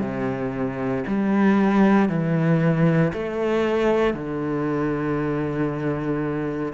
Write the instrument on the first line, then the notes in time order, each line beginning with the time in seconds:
cello
0.00 C3
1.07 G3
2.09 E3
3.13 A3
4.14 D3